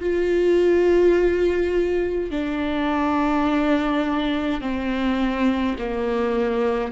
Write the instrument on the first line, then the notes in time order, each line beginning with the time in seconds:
viola
0.00 F4
2.30 D4
4.61 C4
5.78 A#3